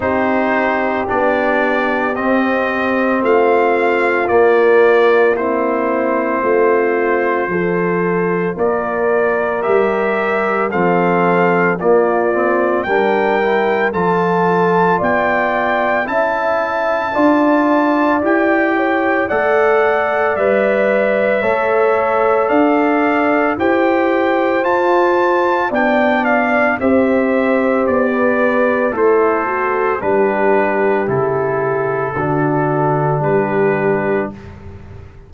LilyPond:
<<
  \new Staff \with { instrumentName = "trumpet" } { \time 4/4 \tempo 4 = 56 c''4 d''4 dis''4 f''4 | d''4 c''2. | d''4 e''4 f''4 d''4 | g''4 a''4 g''4 a''4~ |
a''4 g''4 fis''4 e''4~ | e''4 f''4 g''4 a''4 | g''8 f''8 e''4 d''4 c''4 | b'4 a'2 b'4 | }
  \new Staff \with { instrumentName = "horn" } { \time 4/4 g'2. f'4~ | f'4 e'4 f'4 a'4 | ais'2 a'4 f'4 | ais'4 a'4 d''4 e''4 |
d''4. cis''8 d''2 | cis''4 d''4 c''2 | d''4 c''4~ c''16 b'8. e'8 fis'8 | g'2 fis'4 g'4 | }
  \new Staff \with { instrumentName = "trombone" } { \time 4/4 dis'4 d'4 c'2 | ais4 c'2 f'4~ | f'4 g'4 c'4 ais8 c'8 | d'8 e'8 f'2 e'4 |
f'4 g'4 a'4 b'4 | a'2 g'4 f'4 | d'4 g'2 a'4 | d'4 e'4 d'2 | }
  \new Staff \with { instrumentName = "tuba" } { \time 4/4 c'4 b4 c'4 a4 | ais2 a4 f4 | ais4 g4 f4 ais4 | g4 f4 b4 cis'4 |
d'4 e'4 a4 g4 | a4 d'4 e'4 f'4 | b4 c'4 b4 a4 | g4 cis4 d4 g4 | }
>>